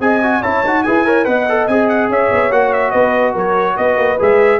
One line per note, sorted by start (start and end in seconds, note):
0.00 0.42 C4
0.00 0.22 G#4
0.00 0.41 D#5
0.00 0.43 G#5
0.23 0.43 F#4
0.41 0.65 C#4
0.41 0.64 E4
0.41 0.83 C#5
0.41 0.83 A5
0.65 0.86 D#4
0.65 0.86 F#4
0.83 1.27 E4
0.83 1.06 G#4
0.83 1.06 B4
0.83 1.25 G#5
1.06 1.25 A#4
1.06 1.27 C#5
1.25 1.68 B3
1.25 1.46 B4
1.25 2.10 D#5
1.25 1.67 F#5
1.49 1.70 A4
1.68 2.09 C4
1.68 2.52 G#4
1.68 1.88 G#5
1.89 2.10 F#5
2.09 2.30 C#4
2.09 2.92 C#5
2.09 2.52 E5
2.32 2.51 B3
2.51 2.92 A#3
2.51 4.18 F#4
2.51 2.73 F#5
2.73 2.91 E5
2.91 3.35 B3
2.91 3.33 B4
2.91 3.33 D#5
3.33 3.77 F#3
3.33 3.75 A#4
3.33 3.77 C#5
3.77 3.97 B3
3.77 4.60 B4
3.77 4.19 D#5
3.97 4.18 A#3
4.19 4.60 G#3
4.19 4.60 G#4
4.19 4.60 E5